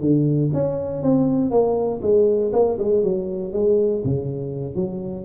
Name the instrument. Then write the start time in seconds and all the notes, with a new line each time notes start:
tuba
0.00 D3
0.53 C#4
1.02 C4
1.51 A#3
2.02 G#3
2.52 A#3
2.79 G#3
3.03 F#3
3.52 G#3
4.04 C#3
4.75 F#3